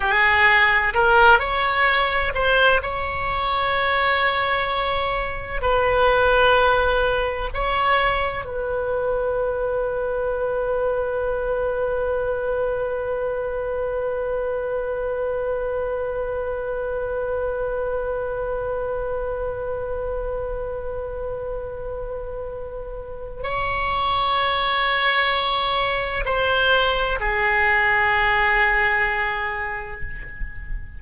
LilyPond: \new Staff \with { instrumentName = "oboe" } { \time 4/4 \tempo 4 = 64 gis'4 ais'8 cis''4 c''8 cis''4~ | cis''2 b'2 | cis''4 b'2.~ | b'1~ |
b'1~ | b'1~ | b'4 cis''2. | c''4 gis'2. | }